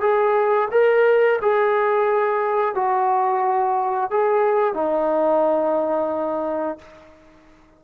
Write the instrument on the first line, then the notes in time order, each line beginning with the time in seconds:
trombone
0.00 G#4
0.71 A#4
1.41 G#4
2.75 F#4
4.10 G#4
4.74 D#4